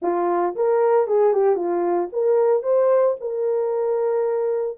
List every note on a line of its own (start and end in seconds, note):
0.02 0.55 F4
0.55 1.07 A#4
1.07 1.33 G#4
1.33 1.55 G4
1.55 2.08 F4
2.12 2.63 A#4
2.63 3.16 C5
3.20 4.77 A#4